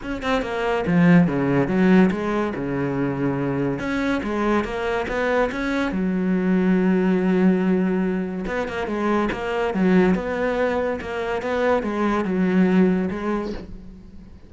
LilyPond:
\new Staff \with { instrumentName = "cello" } { \time 4/4 \tempo 4 = 142 cis'8 c'8 ais4 f4 cis4 | fis4 gis4 cis2~ | cis4 cis'4 gis4 ais4 | b4 cis'4 fis2~ |
fis1 | b8 ais8 gis4 ais4 fis4 | b2 ais4 b4 | gis4 fis2 gis4 | }